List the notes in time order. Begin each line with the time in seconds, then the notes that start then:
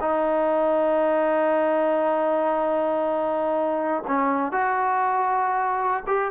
0.00 D#4
4.07 C#4
4.52 F#4
6.06 G4